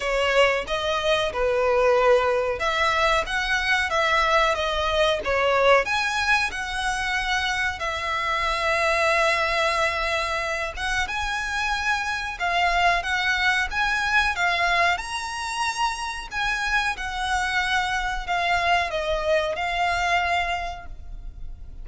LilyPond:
\new Staff \with { instrumentName = "violin" } { \time 4/4 \tempo 4 = 92 cis''4 dis''4 b'2 | e''4 fis''4 e''4 dis''4 | cis''4 gis''4 fis''2 | e''1~ |
e''8 fis''8 gis''2 f''4 | fis''4 gis''4 f''4 ais''4~ | ais''4 gis''4 fis''2 | f''4 dis''4 f''2 | }